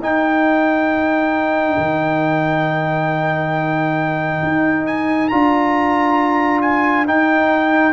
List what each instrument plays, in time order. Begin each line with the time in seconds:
0.00 tuba D#4, trombone D#4, horn A#4, trumpet G5
1.77 tuba D#3
4.43 tuba D#4
4.87 trumpet G#5
5.28 tuba D4, trombone F4, trumpet A#5
6.62 trumpet G#5
7.07 trombone D#4, tuba D#4, trumpet G5